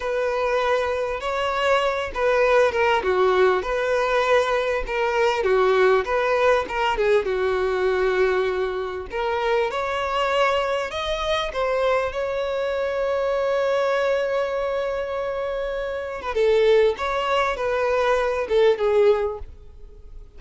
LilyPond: \new Staff \with { instrumentName = "violin" } { \time 4/4 \tempo 4 = 99 b'2 cis''4. b'8~ | b'8 ais'8 fis'4 b'2 | ais'4 fis'4 b'4 ais'8 gis'8 | fis'2. ais'4 |
cis''2 dis''4 c''4 | cis''1~ | cis''2~ cis''8. b'16 a'4 | cis''4 b'4. a'8 gis'4 | }